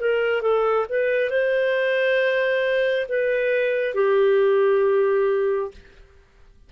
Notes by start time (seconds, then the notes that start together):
0.00 A#4
0.42 A4
0.89 B4
1.30 C5
3.08 B4
3.95 G4